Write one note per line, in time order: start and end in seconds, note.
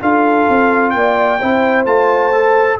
0.00 0.47 D4
0.00 1.38 F4
0.00 0.92 A4
0.00 0.90 F5
0.49 0.93 C4
0.90 1.40 A#3
0.90 1.82 G5
0.97 1.40 D5
1.40 1.85 C4
1.40 1.86 E4
1.40 2.78 C5
1.85 2.77 A3
1.85 2.32 F4
1.85 2.78 A5
2.32 2.78 A4